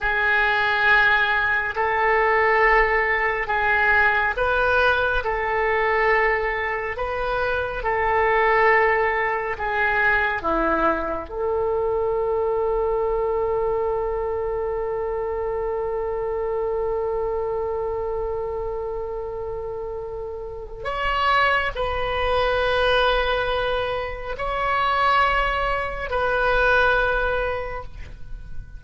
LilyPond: \new Staff \with { instrumentName = "oboe" } { \time 4/4 \tempo 4 = 69 gis'2 a'2 | gis'4 b'4 a'2 | b'4 a'2 gis'4 | e'4 a'2.~ |
a'1~ | a'1 | cis''4 b'2. | cis''2 b'2 | }